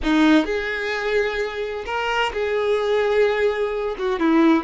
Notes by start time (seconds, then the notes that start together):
0.03 D#4
0.45 G#4
1.85 A#4
2.33 G#4
3.98 F#4
4.19 E4